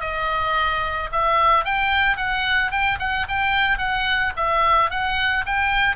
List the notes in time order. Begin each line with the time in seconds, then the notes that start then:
0.00 D#5
1.12 E5
1.64 G5
2.17 F#5
2.71 G5
2.99 F#5
3.28 G5
3.78 F#5
4.36 E5
4.90 F#5
5.45 G5